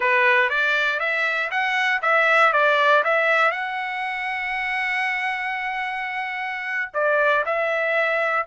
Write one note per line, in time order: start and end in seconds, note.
0.00 0.49 B4
0.49 0.99 D5
0.99 1.50 E5
1.50 2.01 F#5
2.02 2.52 E5
2.52 3.03 D5
3.04 3.51 E5
3.51 6.91 F#5
6.93 7.44 D5
7.45 8.46 E5